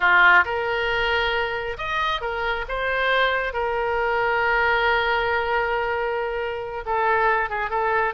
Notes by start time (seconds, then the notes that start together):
0.00 F4
0.44 A#4
1.77 D#5
2.21 A#4
2.68 C5
3.53 A#4
6.85 A4
7.49 G#4
7.70 A4